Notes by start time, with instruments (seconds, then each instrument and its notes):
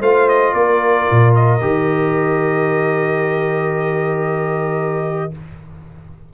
0.00 tuba A3, trombone F4, horn C5, trumpet F5
0.28 trumpet D#5
0.53 tuba A#3, horn A#4, trumpet D5
1.11 tuba A#2
1.35 trumpet D#5
1.60 tuba D#3, trombone G4